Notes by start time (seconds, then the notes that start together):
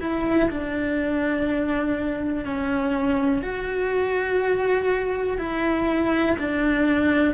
0.00 E4
0.51 D4
2.45 C#4
3.42 F#4
5.38 E4
6.38 D4